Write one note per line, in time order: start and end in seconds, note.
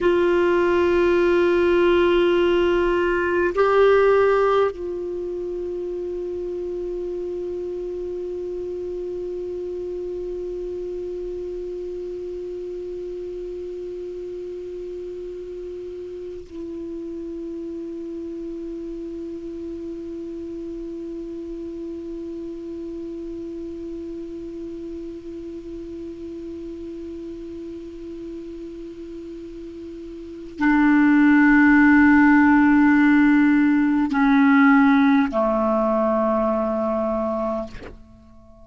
0.00 3.53 F4
3.55 4.71 G4
4.71 16.47 F4
16.49 30.58 E4
30.58 34.11 D4
34.11 35.28 C#4
35.32 37.67 A3